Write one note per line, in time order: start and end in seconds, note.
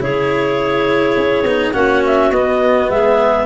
0.00 1.15 C#3
0.00 1.45 E4
0.00 1.75 G#4
0.00 1.73 C#5
1.17 1.44 C#4
1.44 1.72 B3
1.44 1.74 D#4
1.73 2.31 A#3
1.73 2.31 C#4
1.73 2.91 F#4
1.73 2.02 F#5
2.06 2.32 E5
2.31 2.88 B3
2.31 3.46 B3
2.31 2.90 D#5
2.90 3.46 G#3
2.90 3.46 G#4
2.90 3.46 E5